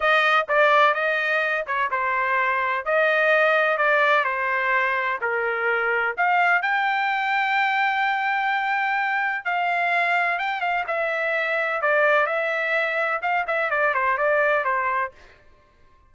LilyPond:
\new Staff \with { instrumentName = "trumpet" } { \time 4/4 \tempo 4 = 127 dis''4 d''4 dis''4. cis''8 | c''2 dis''2 | d''4 c''2 ais'4~ | ais'4 f''4 g''2~ |
g''1 | f''2 g''8 f''8 e''4~ | e''4 d''4 e''2 | f''8 e''8 d''8 c''8 d''4 c''4 | }